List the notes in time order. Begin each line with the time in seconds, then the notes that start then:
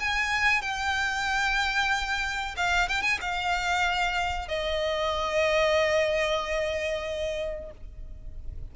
0.00 G#5
0.62 G5
2.57 F5
2.89 G5
3.03 G#5
3.21 F5
4.49 D#5